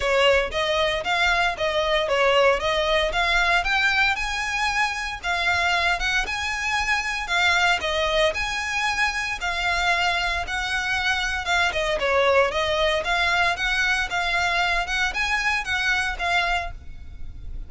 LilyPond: \new Staff \with { instrumentName = "violin" } { \time 4/4 \tempo 4 = 115 cis''4 dis''4 f''4 dis''4 | cis''4 dis''4 f''4 g''4 | gis''2 f''4. fis''8 | gis''2 f''4 dis''4 |
gis''2 f''2 | fis''2 f''8 dis''8 cis''4 | dis''4 f''4 fis''4 f''4~ | f''8 fis''8 gis''4 fis''4 f''4 | }